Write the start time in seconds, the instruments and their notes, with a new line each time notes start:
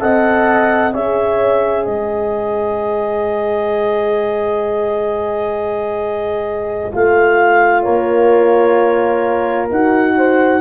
0.00 tuba C4, horn A4 D#5, clarinet F#5
0.93 tuba C#4, horn G#4 C#5, clarinet E5
1.84 tuba G#3, horn C5, clarinet D#5
6.92 tuba A3, horn F4, clarinet F5
7.82 tuba A#3, horn A#4, clarinet C#5
9.70 tuba D#4, horn F#4, clarinet F#5
10.17 horn C5